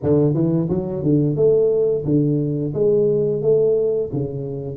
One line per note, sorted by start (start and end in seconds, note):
0.02 0.33 D3
0.33 0.68 E3
0.69 1.03 F#3
1.03 1.36 D3
1.36 2.04 A3
2.05 2.73 D3
2.73 3.42 G#3
3.42 4.10 A3
4.12 4.77 C#3